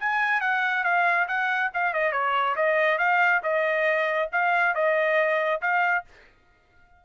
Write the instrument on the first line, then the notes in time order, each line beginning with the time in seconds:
trumpet
0.00 G#5
0.41 F#5
0.84 F5
1.28 F#5
1.74 F5
1.94 D#5
2.13 C#5
2.56 D#5
2.99 F5
3.43 D#5
4.33 F5
4.75 D#5
5.62 F5